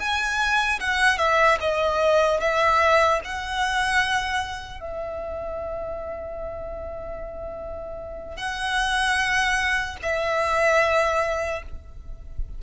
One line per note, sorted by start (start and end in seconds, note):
0.00 0.80 G#5
0.80 1.19 F#5
1.19 1.59 E5
1.61 2.41 D#5
2.41 3.21 E5
3.25 4.81 F#5
4.81 8.37 E5
8.37 9.97 F#5
10.03 11.63 E5